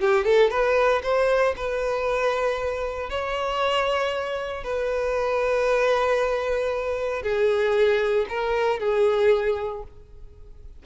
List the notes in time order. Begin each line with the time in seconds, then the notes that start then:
0.00 G4
0.24 A4
0.50 B4
1.03 C5
1.56 B4
3.10 C#5
4.64 B4
7.22 G#4
8.29 A#4
8.80 G#4